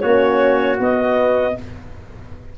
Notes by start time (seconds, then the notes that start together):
0.00 A#3 C#4 F#4 C#5
0.79 B3 D#5